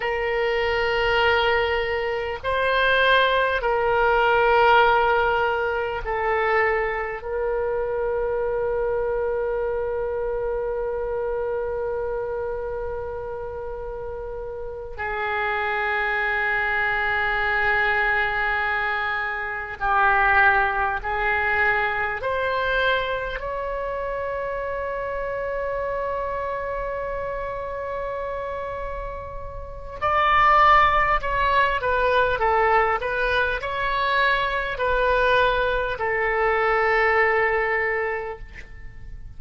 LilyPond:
\new Staff \with { instrumentName = "oboe" } { \time 4/4 \tempo 4 = 50 ais'2 c''4 ais'4~ | ais'4 a'4 ais'2~ | ais'1~ | ais'8 gis'2.~ gis'8~ |
gis'8 g'4 gis'4 c''4 cis''8~ | cis''1~ | cis''4 d''4 cis''8 b'8 a'8 b'8 | cis''4 b'4 a'2 | }